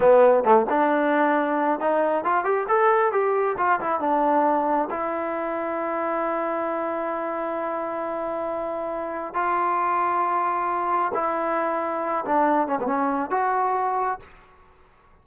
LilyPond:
\new Staff \with { instrumentName = "trombone" } { \time 4/4 \tempo 4 = 135 b4 a8 d'2~ d'8 | dis'4 f'8 g'8 a'4 g'4 | f'8 e'8 d'2 e'4~ | e'1~ |
e'1~ | e'4 f'2.~ | f'4 e'2~ e'8 d'8~ | d'8 cis'16 b16 cis'4 fis'2 | }